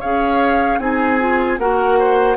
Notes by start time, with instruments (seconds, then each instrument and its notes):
0.00 bassoon C#4, clarinet G#4, oboe C#5, flute F5
0.79 bassoon C4, clarinet D#4, oboe G#4, flute G#5
1.19 clarinet F4
1.58 bassoon A#3, clarinet F#4, oboe A#4, flute F#5
1.99 oboe C5